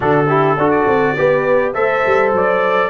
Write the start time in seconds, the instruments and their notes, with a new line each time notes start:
0.00 tuba D3, trombone D4, horn F#4, trumpet A4
0.27 trombone E4, horn G4
0.57 tuba D4, trombone F#4, horn A4
0.70 trumpet D5
0.87 tuba C4
1.17 tuba B3, trombone G4, horn B4
1.74 tuba A3, trombone A4, horn C5, trumpet E5
2.05 tuba G3
2.32 tuba F#3, trumpet D5